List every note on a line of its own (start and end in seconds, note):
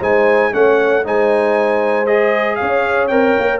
0.00 0.52 G#3
0.00 0.52 D#4
0.00 0.51 C5
0.00 0.53 G#5
0.52 1.05 A3
0.52 1.03 C#4
0.52 1.04 C#5
0.52 1.05 F#5
1.03 2.59 G#3
1.03 2.06 D#4
1.03 2.59 C5
1.03 2.07 G#5
2.07 3.10 G#4
2.07 2.55 D#5
2.55 3.11 C#4
2.55 3.60 C#5
2.55 3.07 F5
3.07 3.37 C4
3.07 3.60 A#4
3.07 3.59 G5
3.38 3.60 A#3